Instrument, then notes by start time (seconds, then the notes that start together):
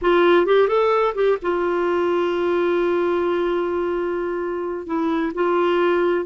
clarinet
0.01 F4
0.46 G4
0.68 A4
1.14 G4
1.42 F4
4.86 E4
5.34 F4